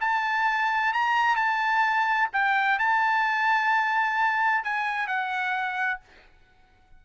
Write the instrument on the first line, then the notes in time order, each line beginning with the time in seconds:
trumpet
0.00 A5
0.93 A#5
1.36 A5
2.32 G5
2.78 A5
4.64 G#5
5.07 F#5